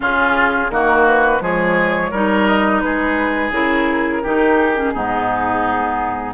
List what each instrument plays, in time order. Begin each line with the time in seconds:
0.00 bassoon C#3, clarinet C#4, oboe F4, flute G#4
0.70 bassoon D#3, clarinet A#3, oboe F#4, flute A#4
1.07 flute B4
1.40 bassoon F3, clarinet G#3, oboe G#4, flute C#5
2.10 bassoon G3, clarinet D#4, oboe A#4
2.47 flute D#5
2.80 bassoon G#3, oboe G#4, flute B4
3.50 bassoon C#3, clarinet E4, flute A#4
4.22 bassoon D#3, clarinet D#4, oboe G4
4.56 flute G#4
4.76 clarinet C#4
4.93 bassoon G#2, clarinet B3, oboe D#4